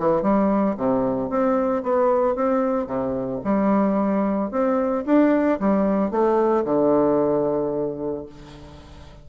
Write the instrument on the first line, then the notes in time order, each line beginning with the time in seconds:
bassoon
0.00 E3
0.23 G3
0.78 C3
1.30 C4
1.84 B3
2.36 C4
2.87 C3
3.45 G3
4.51 C4
5.06 D4
5.60 G3
6.11 A3
6.66 D3